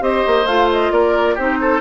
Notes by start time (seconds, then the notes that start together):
0.00 C4 G4 C5 D#5
0.27 A#3
0.45 A3 F4 F5
0.72 D#5
0.92 A#3 A#4 D5
1.35 C4 D#4 G4 C5
1.61 A4